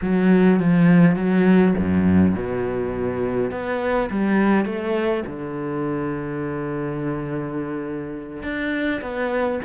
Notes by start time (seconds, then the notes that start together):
0.01 F#3
0.59 F3
1.16 F#3
1.77 F#2
2.35 B2
3.51 B3
4.10 G3
4.65 A3
5.26 D3
8.43 D4
9.01 B3